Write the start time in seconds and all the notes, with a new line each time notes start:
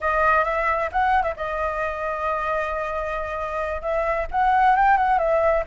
0.00 D#5
0.44 E5
0.91 F#5
1.22 E5
1.36 D#5
3.81 E5
4.31 F#5
4.76 G5
4.97 F#5
5.18 E5